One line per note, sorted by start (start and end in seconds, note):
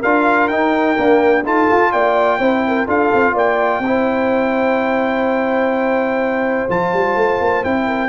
0.00 0.50 D4
0.00 0.51 F4
0.00 1.43 A#4
0.00 0.48 F5
0.48 0.97 D#4
0.48 1.44 G5
0.97 1.44 A#3
0.97 1.45 D4
1.44 1.69 D#4
1.44 2.40 F4
1.44 1.91 A4
1.44 1.92 A5
1.71 1.94 F4
1.92 2.39 A#3
1.92 2.39 D5
1.92 2.88 G5
2.39 2.87 C4
2.39 2.87 E4
2.39 2.63 C5
2.68 2.87 A#4
2.87 3.11 D4
2.87 3.82 F4
2.87 3.34 A4
2.87 3.37 F5
3.14 3.34 C4
3.34 3.79 A#3
3.34 3.81 D5
3.34 6.71 G5
3.79 6.65 C4
3.86 6.70 E4
3.86 7.87 C5
6.69 6.93 F3
6.69 7.64 F4
6.69 7.64 A5
6.93 7.16 G3
7.16 7.39 A3
7.40 7.64 A#3
7.64 8.09 C4
7.64 8.09 E4
7.64 8.09 G5
7.87 8.09 A#4